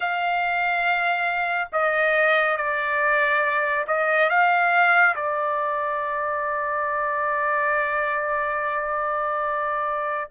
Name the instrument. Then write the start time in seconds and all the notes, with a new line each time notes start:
trumpet
0.00 F5
1.72 D#5
2.56 D5
3.86 D#5
4.29 F5
5.15 D5